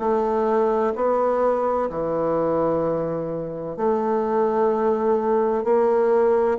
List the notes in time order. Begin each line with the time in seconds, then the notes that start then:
0.00 A3
0.96 B3
1.90 E3
3.77 A3
5.65 A#3